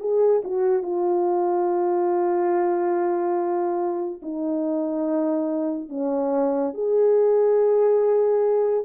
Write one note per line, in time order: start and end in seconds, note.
0.00 0.42 G#4
0.44 0.83 F#4
0.83 4.21 F4
4.22 5.89 D#4
5.89 6.74 C#4
6.74 8.85 G#4